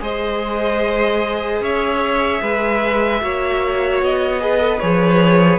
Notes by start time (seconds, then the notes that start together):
0.00 G#3 G#4 C5 D#5
1.61 C#4 C#5 E5
2.42 G#3 B4
3.21 A#3 F#4 C#5
4.02 B3 D#5
4.41 G#4 B4
4.60 A4
4.80 F3 G#4 C#5